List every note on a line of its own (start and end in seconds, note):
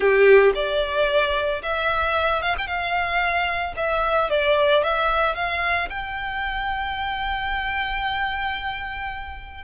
0.00 0.52 G4
0.55 1.62 D5
1.62 2.42 E5
2.42 2.55 F5
2.57 2.67 G5
2.67 3.74 F5
3.76 4.30 E5
4.30 4.83 D5
4.83 5.35 E5
5.35 5.89 F5
5.89 9.64 G5